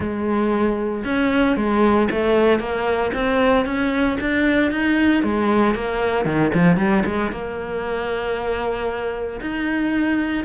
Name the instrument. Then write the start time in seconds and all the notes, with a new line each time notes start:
cello
0.00 G#3
1.04 C#4
1.56 G#3
2.10 A3
2.59 A#3
3.13 C4
3.65 C#4
4.20 D4
4.71 D#4
5.23 G#3
5.75 A#3
6.25 D#3
6.54 F3
6.77 G3
7.05 G#3
7.31 A#3
9.40 D#4